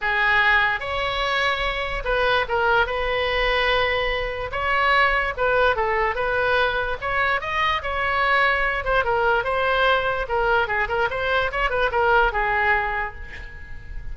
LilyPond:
\new Staff \with { instrumentName = "oboe" } { \time 4/4 \tempo 4 = 146 gis'2 cis''2~ | cis''4 b'4 ais'4 b'4~ | b'2. cis''4~ | cis''4 b'4 a'4 b'4~ |
b'4 cis''4 dis''4 cis''4~ | cis''4. c''8 ais'4 c''4~ | c''4 ais'4 gis'8 ais'8 c''4 | cis''8 b'8 ais'4 gis'2 | }